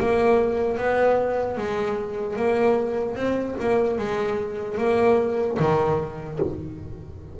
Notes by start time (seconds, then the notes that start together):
0.00 A#3
0.77 B3
1.57 G#3
2.36 A#3
3.16 C4
3.60 A#3
3.99 G#3
4.78 A#3
5.60 D#3